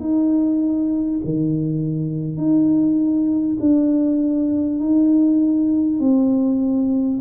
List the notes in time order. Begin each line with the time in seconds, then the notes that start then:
0.00 D#4
1.24 D#3
2.37 D#4
3.61 D4
4.80 D#4
6.00 C4